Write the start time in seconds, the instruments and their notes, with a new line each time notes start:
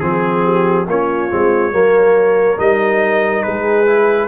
0.00 tuba F3, trombone C4, trumpet G#4, horn G#4
0.44 horn G4
0.87 tuba A#3, trombone C#4, horn F4, trumpet C#5
1.30 tuba G#3, trombone C4
1.72 tuba F#3, trombone A#3, horn A#4
2.57 tuba G3, trombone D#4, trumpet D#5
3.43 tuba G#3, horn G#4, trumpet B4
3.86 trombone E4